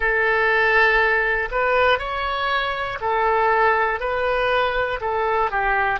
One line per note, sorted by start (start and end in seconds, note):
0.00 1.49 A4
1.50 1.98 B4
1.98 2.98 C#5
3.00 4.00 A4
4.00 5.00 B4
5.00 5.50 A4
5.50 5.99 G4